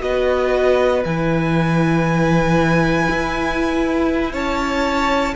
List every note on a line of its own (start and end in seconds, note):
0.00 1.04 B3
0.00 1.02 F#4
0.00 4.32 B4
0.00 1.04 D#5
1.05 3.08 E3
1.05 5.36 E4
1.05 4.33 G#5
3.10 4.33 E4
4.32 5.35 C#4
4.32 5.34 C#5
4.32 5.35 A5